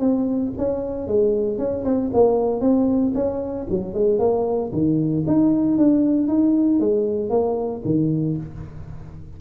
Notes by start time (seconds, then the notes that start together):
0.00 C4
0.58 C#4
1.07 G#3
1.58 C#4
1.85 C4
2.14 A#3
2.61 C4
3.15 C#4
3.70 F#3
3.94 G#3
4.19 A#3
4.73 D#3
5.27 D#4
5.78 D4
6.28 D#4
6.80 G#3
7.30 A#3
7.85 D#3